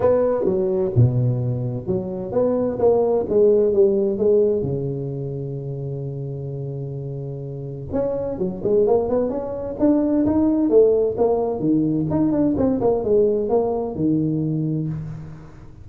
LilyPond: \new Staff \with { instrumentName = "tuba" } { \time 4/4 \tempo 4 = 129 b4 fis4 b,2 | fis4 b4 ais4 gis4 | g4 gis4 cis2~ | cis1~ |
cis4 cis'4 fis8 gis8 ais8 b8 | cis'4 d'4 dis'4 a4 | ais4 dis4 dis'8 d'8 c'8 ais8 | gis4 ais4 dis2 | }